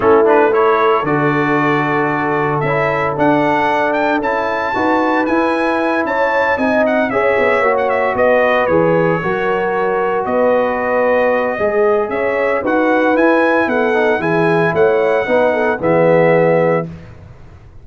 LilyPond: <<
  \new Staff \with { instrumentName = "trumpet" } { \time 4/4 \tempo 4 = 114 a'8 b'8 cis''4 d''2~ | d''4 e''4 fis''4. g''8 | a''2 gis''4. a''8~ | a''8 gis''8 fis''8 e''4~ e''16 fis''16 e''8 dis''8~ |
dis''8 cis''2. dis''8~ | dis''2. e''4 | fis''4 gis''4 fis''4 gis''4 | fis''2 e''2 | }
  \new Staff \with { instrumentName = "horn" } { \time 4/4 e'4 a'2.~ | a'1~ | a'4 b'2~ b'8 cis''8~ | cis''8 dis''4 cis''2 b'8~ |
b'4. ais'2 b'8~ | b'2 dis''4 cis''4 | b'2 a'4 gis'4 | cis''4 b'8 a'8 gis'2 | }
  \new Staff \with { instrumentName = "trombone" } { \time 4/4 cis'8 d'8 e'4 fis'2~ | fis'4 e'4 d'2 | e'4 fis'4 e'2~ | e'8 dis'4 gis'4 fis'4.~ |
fis'8 gis'4 fis'2~ fis'8~ | fis'2 gis'2 | fis'4 e'4. dis'8 e'4~ | e'4 dis'4 b2 | }
  \new Staff \with { instrumentName = "tuba" } { \time 4/4 a2 d2~ | d4 cis'4 d'2 | cis'4 dis'4 e'4. cis'8~ | cis'8 c'4 cis'8 b8 ais4 b8~ |
b8 e4 fis2 b8~ | b2 gis4 cis'4 | dis'4 e'4 b4 e4 | a4 b4 e2 | }
>>